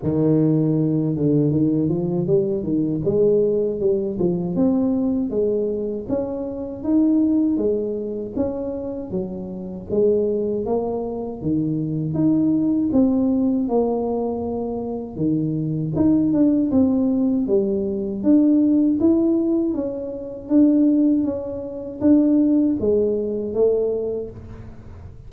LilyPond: \new Staff \with { instrumentName = "tuba" } { \time 4/4 \tempo 4 = 79 dis4. d8 dis8 f8 g8 dis8 | gis4 g8 f8 c'4 gis4 | cis'4 dis'4 gis4 cis'4 | fis4 gis4 ais4 dis4 |
dis'4 c'4 ais2 | dis4 dis'8 d'8 c'4 g4 | d'4 e'4 cis'4 d'4 | cis'4 d'4 gis4 a4 | }